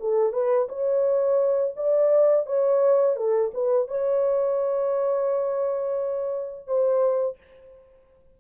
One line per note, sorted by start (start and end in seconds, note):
0.00 0.32 A4
0.32 0.68 B4
0.68 1.74 C#5
1.76 2.46 D5
2.46 3.16 C#5
3.16 3.52 A4
3.54 3.88 B4
3.88 6.67 C#5
6.67 7.38 C5